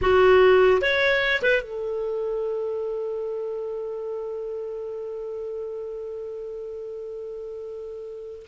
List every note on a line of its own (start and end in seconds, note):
0.01 0.81 F#4
0.81 1.41 C#5
1.42 1.61 B4
1.61 8.46 A4